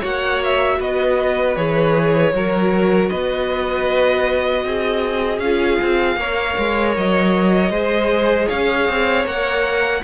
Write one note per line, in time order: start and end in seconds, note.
0.00 0.80 A#3
0.00 1.56 F#4
0.00 0.77 C#5
0.00 0.43 F#5
0.44 0.82 E5
0.80 1.57 B3
0.80 2.33 B4
0.80 1.56 D#5
1.56 2.33 E3
1.56 2.33 G#4
1.56 3.09 C#5
2.33 3.10 F#3
2.33 5.43 F#4
2.33 3.11 A#4
3.09 4.64 B3
3.09 4.65 B4
3.09 5.39 D#5
4.64 5.39 C4
4.64 6.20 G#4
5.39 5.77 C#4
5.39 6.19 F4
5.39 6.93 F5
5.82 6.17 C4
6.17 6.55 A#3
6.17 7.72 A#4
6.17 7.72 C#5
6.58 6.97 G#3
6.97 7.70 F#3
6.97 8.49 D#5
7.70 8.47 G#3
7.70 9.25 G#4
7.70 8.48 C5
8.48 8.89 C#4
8.48 10.02 C#5
8.48 9.26 F5
8.89 9.25 C4
9.25 10.02 A#3
9.25 10.02 A#4
9.25 10.04 F#5